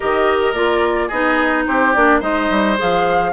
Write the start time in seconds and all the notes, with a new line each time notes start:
0.00 D#3 G4 A#4 D#5
0.53 A#3 F4 D5
1.07 B3 D#4 G#4 D#5
1.66 C4 G4 C5
1.93 A#3 D4 D5
2.20 G#3 D#4 C5 D#5
2.50 G3
2.77 F3 G#4 F5